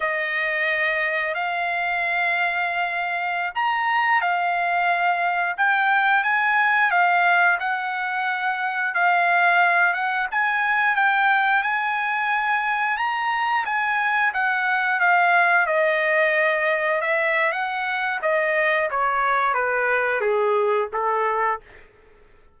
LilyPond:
\new Staff \with { instrumentName = "trumpet" } { \time 4/4 \tempo 4 = 89 dis''2 f''2~ | f''4~ f''16 ais''4 f''4.~ f''16~ | f''16 g''4 gis''4 f''4 fis''8.~ | fis''4~ fis''16 f''4. fis''8 gis''8.~ |
gis''16 g''4 gis''2 ais''8.~ | ais''16 gis''4 fis''4 f''4 dis''8.~ | dis''4~ dis''16 e''8. fis''4 dis''4 | cis''4 b'4 gis'4 a'4 | }